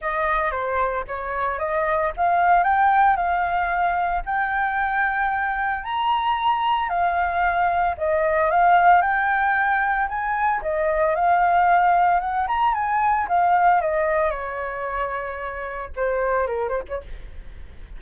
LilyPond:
\new Staff \with { instrumentName = "flute" } { \time 4/4 \tempo 4 = 113 dis''4 c''4 cis''4 dis''4 | f''4 g''4 f''2 | g''2. ais''4~ | ais''4 f''2 dis''4 |
f''4 g''2 gis''4 | dis''4 f''2 fis''8 ais''8 | gis''4 f''4 dis''4 cis''4~ | cis''2 c''4 ais'8 c''16 cis''16 | }